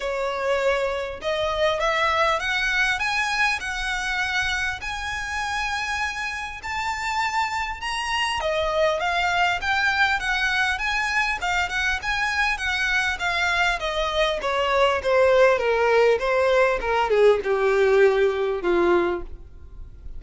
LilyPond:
\new Staff \with { instrumentName = "violin" } { \time 4/4 \tempo 4 = 100 cis''2 dis''4 e''4 | fis''4 gis''4 fis''2 | gis''2. a''4~ | a''4 ais''4 dis''4 f''4 |
g''4 fis''4 gis''4 f''8 fis''8 | gis''4 fis''4 f''4 dis''4 | cis''4 c''4 ais'4 c''4 | ais'8 gis'8 g'2 f'4 | }